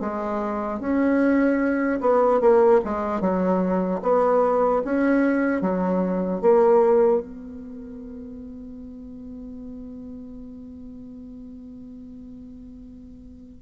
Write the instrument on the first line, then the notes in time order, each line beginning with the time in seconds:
bassoon
0.00 G#3
0.79 C#4
2.00 B3
2.40 A#3
2.84 G#3
3.20 F#3
4.02 B3
4.84 C#4
5.61 F#3
6.41 A#3
7.21 B3